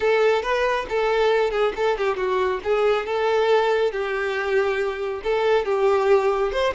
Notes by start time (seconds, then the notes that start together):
0.00 A4
0.42 B4
0.89 A4
1.51 G#4
1.75 A4
1.97 G4
2.17 F#4
2.63 G#4
3.06 A4
3.91 G4
5.23 A4
5.65 G4
6.51 C5